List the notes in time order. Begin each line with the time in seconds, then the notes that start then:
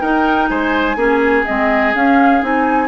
0.00 D#4 A#4 G5
0.50 G#3 C5 G#5
0.96 A#3 C#4 G#4
1.46 G#3 C4 D#5
1.94 C#4 F5
2.42 C4 D#4 G#5